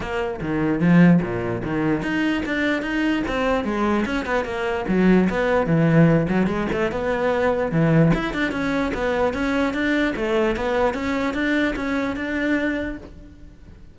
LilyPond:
\new Staff \with { instrumentName = "cello" } { \time 4/4 \tempo 4 = 148 ais4 dis4 f4 ais,4 | dis4 dis'4 d'4 dis'4 | c'4 gis4 cis'8 b8 ais4 | fis4 b4 e4. fis8 |
gis8 a8 b2 e4 | e'8 d'8 cis'4 b4 cis'4 | d'4 a4 b4 cis'4 | d'4 cis'4 d'2 | }